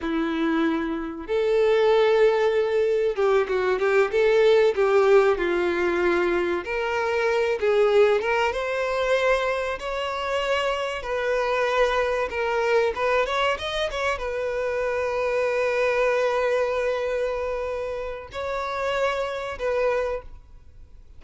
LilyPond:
\new Staff \with { instrumentName = "violin" } { \time 4/4 \tempo 4 = 95 e'2 a'2~ | a'4 g'8 fis'8 g'8 a'4 g'8~ | g'8 f'2 ais'4. | gis'4 ais'8 c''2 cis''8~ |
cis''4. b'2 ais'8~ | ais'8 b'8 cis''8 dis''8 cis''8 b'4.~ | b'1~ | b'4 cis''2 b'4 | }